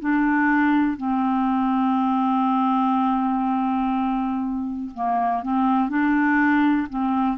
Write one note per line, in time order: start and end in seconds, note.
0.00 0.97 D4
0.97 4.90 C4
4.94 5.43 A#3
5.43 5.89 C4
5.89 6.88 D4
6.89 7.38 C4